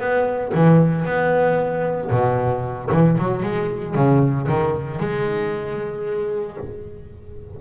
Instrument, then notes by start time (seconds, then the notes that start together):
double bass
0.00 B3
0.55 E3
1.05 B3
2.11 B2
2.92 E3
3.18 F#3
3.43 G#3
3.95 C#3
4.48 D#3
5.00 G#3